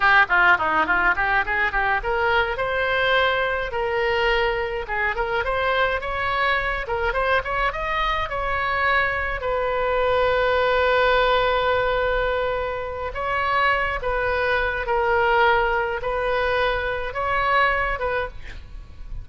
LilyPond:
\new Staff \with { instrumentName = "oboe" } { \time 4/4 \tempo 4 = 105 g'8 f'8 dis'8 f'8 g'8 gis'8 g'8 ais'8~ | ais'8 c''2 ais'4.~ | ais'8 gis'8 ais'8 c''4 cis''4. | ais'8 c''8 cis''8 dis''4 cis''4.~ |
cis''8 b'2.~ b'8~ | b'2. cis''4~ | cis''8 b'4. ais'2 | b'2 cis''4. b'8 | }